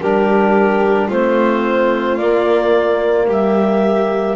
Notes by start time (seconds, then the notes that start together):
0.00 G3 D4 G4 A#4
1.08 A3 C4 F4 C5
2.17 A#3 D5
3.27 G3 G4 E5